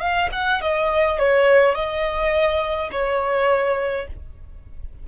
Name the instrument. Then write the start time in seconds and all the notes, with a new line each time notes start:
violin
0.00 F5
0.32 F#5
0.61 D#5
1.19 C#5
1.75 D#5
2.91 C#5